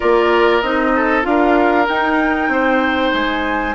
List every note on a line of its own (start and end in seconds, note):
0.00 0.62 A#3
0.00 0.62 F4
0.00 0.91 A#4
0.00 0.61 D5
0.61 1.25 C4
0.61 1.22 D#4
0.61 1.24 D#5
0.95 1.26 A4
1.22 1.88 D4
1.22 1.85 F4
1.22 1.86 F5
1.29 2.51 A#4
1.88 2.48 D#4
1.88 3.75 D#4
1.88 3.12 G5
2.48 3.11 C4
2.48 3.75 C5
3.12 3.75 G#3
3.12 3.75 G#5